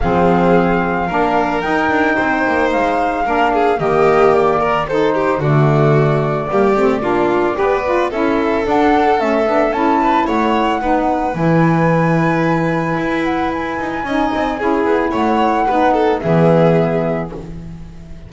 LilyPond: <<
  \new Staff \with { instrumentName = "flute" } { \time 4/4 \tempo 4 = 111 f''2. g''4~ | g''4 f''2 dis''4 | d''4 c''4 d''2~ | d''2. e''4 |
fis''4 e''4 a''4 fis''4~ | fis''4 gis''2.~ | gis''8 fis''8 gis''2. | fis''2 e''2 | }
  \new Staff \with { instrumentName = "violin" } { \time 4/4 gis'2 ais'2 | c''2 ais'8 gis'8 g'4~ | g'8 ais'8 a'8 g'8 fis'2 | g'4 f'4 b'4 a'4~ |
a'2~ a'8 b'8 cis''4 | b'1~ | b'2 dis''4 gis'4 | cis''4 b'8 a'8 gis'2 | }
  \new Staff \with { instrumentName = "saxophone" } { \time 4/4 c'2 d'4 dis'4~ | dis'2 d'4 ais4~ | ais4 dis'4 a2 | ais8 c'8 d'4 g'8 f'8 e'4 |
d'4 cis'8 d'8 e'2 | dis'4 e'2.~ | e'2 dis'4 e'4~ | e'4 dis'4 b2 | }
  \new Staff \with { instrumentName = "double bass" } { \time 4/4 f2 ais4 dis'8 d'8 | c'8 ais8 gis4 ais4 dis4~ | dis2 d2 | g8 a8 ais4 b4 cis'4 |
d'4 a8 b8 cis'4 a4 | b4 e2. | e'4. dis'8 cis'8 c'8 cis'8 b8 | a4 b4 e2 | }
>>